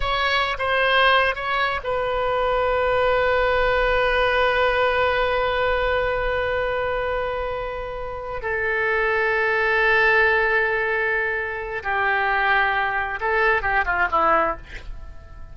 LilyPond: \new Staff \with { instrumentName = "oboe" } { \time 4/4 \tempo 4 = 132 cis''4~ cis''16 c''4.~ c''16 cis''4 | b'1~ | b'1~ | b'1~ |
b'2~ b'8 a'4.~ | a'1~ | a'2 g'2~ | g'4 a'4 g'8 f'8 e'4 | }